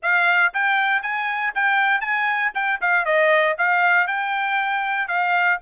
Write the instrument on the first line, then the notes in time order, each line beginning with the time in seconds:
trumpet
0.02 F5
0.53 G5
1.02 G#5
1.54 G5
2.00 G#5
2.54 G5
2.81 F5
3.05 D#5
3.58 F5
4.07 G5
5.08 F5